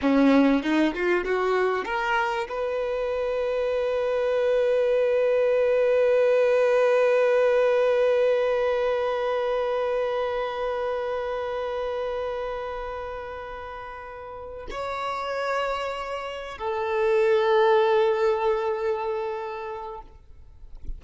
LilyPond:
\new Staff \with { instrumentName = "violin" } { \time 4/4 \tempo 4 = 96 cis'4 dis'8 f'8 fis'4 ais'4 | b'1~ | b'1~ | b'1~ |
b'1~ | b'2.~ b'8 cis''8~ | cis''2~ cis''8 a'4.~ | a'1 | }